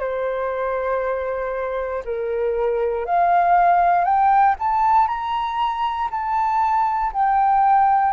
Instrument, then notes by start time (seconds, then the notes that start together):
flute
0.00 C5
2.05 A#4
3.06 F5
4.05 G5
4.59 A5
5.08 A#5
6.11 A5
7.13 G5